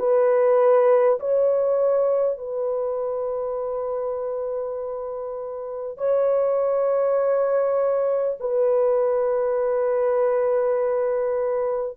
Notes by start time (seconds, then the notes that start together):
0.00 B4
1.20 C#5
2.38 B4
5.98 C#5
8.41 B4